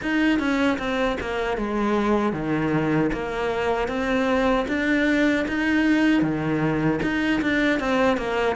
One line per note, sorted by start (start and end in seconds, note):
0.02 0.39 D#4
0.39 0.78 C#4
0.78 1.17 C4
1.20 1.57 A#3
1.57 2.32 G#3
2.32 3.10 D#3
3.12 3.87 A#3
3.87 4.65 C4
4.68 5.45 D4
5.48 6.22 D#4
6.22 7.00 D#3
7.02 7.41 D#4
7.41 7.79 D4
7.79 8.17 C4
8.17 8.56 A#3